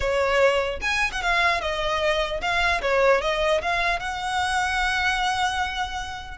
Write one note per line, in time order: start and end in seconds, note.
0.00 0.80 C#5
0.81 1.11 G#5
1.12 1.22 F#5
1.22 1.61 F5
1.61 2.41 D#5
2.41 2.81 F5
2.81 3.21 C#5
3.21 3.61 D#5
3.61 3.99 F5
3.99 6.38 F#5